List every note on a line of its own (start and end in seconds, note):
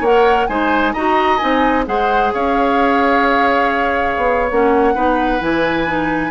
0.00 0.46 A#3
0.00 0.48 A#4
0.00 0.46 C#5
0.00 0.47 F#5
0.47 0.94 G#3
0.47 0.94 D#4
0.47 0.93 C5
0.47 0.93 G#5
0.93 1.41 D#4
0.93 1.39 F#4
0.93 1.84 D#5
0.93 1.37 A#5
1.37 1.87 C4
1.37 1.85 D#4
1.37 1.83 G#5
1.86 2.33 G#3
1.86 4.49 G#4
1.86 2.33 C5
1.86 2.32 F#5
2.33 4.17 C#4
2.33 4.94 C#5
2.33 4.50 F5
4.17 4.50 B3
4.50 4.95 A#3
4.50 4.94 C#4
4.50 5.42 F#5
4.94 5.41 B3
4.94 5.39 D#4
4.94 6.30 B4
5.39 6.30 E3
5.39 5.85 E4
5.39 6.30 G#5
5.87 6.30 D#4